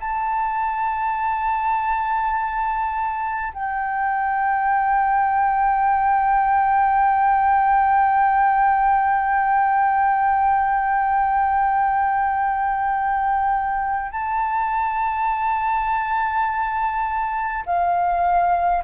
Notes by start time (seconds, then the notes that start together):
0.00 A5
3.54 G5
14.11 A5
17.66 F5